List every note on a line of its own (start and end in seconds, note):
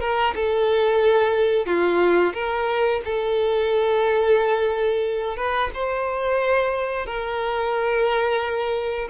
0.00 0.34 A#4
0.35 1.66 A4
1.66 2.33 F4
2.34 3.01 A#4
3.05 5.37 A4
5.37 5.70 B4
5.74 7.06 C5
7.06 9.08 A#4